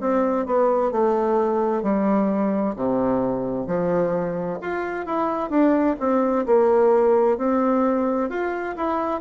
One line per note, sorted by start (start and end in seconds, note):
0.00 0.46 C4
0.46 0.91 B3
0.91 1.83 A3
1.83 2.75 G3
2.76 3.67 C3
3.67 4.59 F3
4.61 5.06 F4
5.06 5.50 E4
5.50 5.96 D4
5.99 6.45 C4
6.46 7.38 A#3
7.38 8.29 C4
8.29 8.75 F4
8.76 9.21 E4